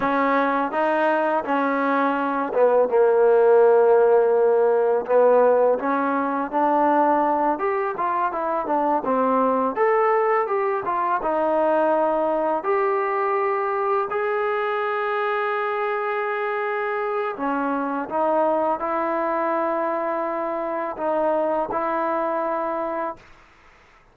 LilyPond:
\new Staff \with { instrumentName = "trombone" } { \time 4/4 \tempo 4 = 83 cis'4 dis'4 cis'4. b8 | ais2. b4 | cis'4 d'4. g'8 f'8 e'8 | d'8 c'4 a'4 g'8 f'8 dis'8~ |
dis'4. g'2 gis'8~ | gis'1 | cis'4 dis'4 e'2~ | e'4 dis'4 e'2 | }